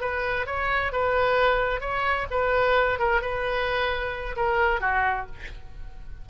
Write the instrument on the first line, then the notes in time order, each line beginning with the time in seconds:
oboe
0.00 B4
0.46 C#5
0.92 B4
1.80 C#5
2.30 B4
2.99 A#4
3.21 B4
4.36 A#4
4.80 F#4